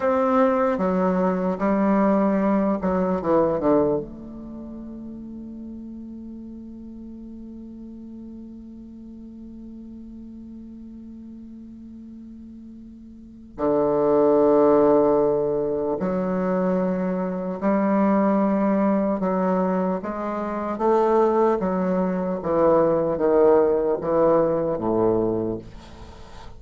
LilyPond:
\new Staff \with { instrumentName = "bassoon" } { \time 4/4 \tempo 4 = 75 c'4 fis4 g4. fis8 | e8 d8 a2.~ | a1~ | a1~ |
a4 d2. | fis2 g2 | fis4 gis4 a4 fis4 | e4 dis4 e4 a,4 | }